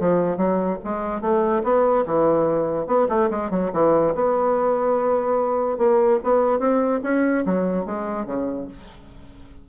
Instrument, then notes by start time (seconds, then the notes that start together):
bassoon
0.00 F3
0.37 F#3
0.84 G#3
1.22 A3
1.64 B3
2.06 E3
2.87 B3
3.09 A3
3.31 G#3
3.51 F#3
3.74 E3
4.15 B3
5.78 A#3
6.24 B3
6.60 C4
7.04 C#4
7.46 F#3
7.86 G#3
8.26 C#3